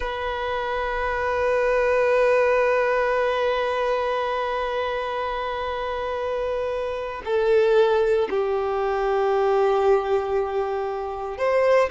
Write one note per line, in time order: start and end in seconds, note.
0.00 7.22 B4
7.24 8.28 A4
8.29 11.37 G4
11.37 11.89 C5